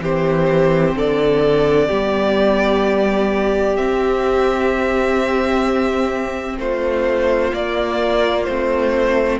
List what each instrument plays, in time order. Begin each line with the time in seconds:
0.00 cello E3, viola C4, violin G4 C5
0.95 cello D3, violin A4 D5
1.87 cello G3, viola B3, violin G4
3.76 viola C4, cello C4, violin E5
6.58 cello A3, violin F4 C5
7.51 viola A#3, cello A#3, violin D5
8.44 cello A3, viola C4, violin C5